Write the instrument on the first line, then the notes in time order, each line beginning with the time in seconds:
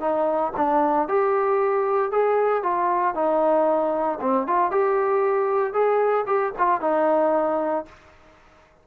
trombone
0.00 D#4
0.56 D4
1.08 G4
2.11 G#4
2.63 F4
3.14 D#4
4.21 C4
4.47 F4
4.71 G4
5.73 G#4
6.27 G4
6.58 F4
6.81 D#4